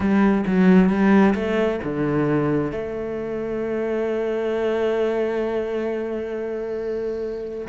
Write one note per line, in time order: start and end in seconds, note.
0.00 0.44 G3
0.46 0.89 F#3
0.89 1.34 G3
1.34 1.79 A3
1.84 2.71 D3
2.71 7.67 A3